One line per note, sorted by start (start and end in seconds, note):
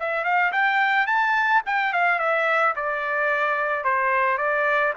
0.00 0.24 E5
0.24 0.52 F5
0.53 1.07 G5
1.07 1.63 A5
1.66 1.94 G5
1.94 2.19 F5
2.19 2.75 E5
2.77 3.85 D5
3.85 4.38 C5
4.38 4.94 D5